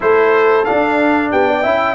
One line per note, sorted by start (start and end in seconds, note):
0.00 0.66 A3
0.00 0.65 E4
0.00 1.31 A4
0.00 0.64 C5
0.64 1.63 D4
0.64 1.32 D4
0.64 1.29 F5
1.31 1.64 B3
1.31 1.47 G4
1.31 1.94 G5
1.47 1.62 D5
1.62 1.94 C#4
1.62 1.94 E4
1.62 1.94 E5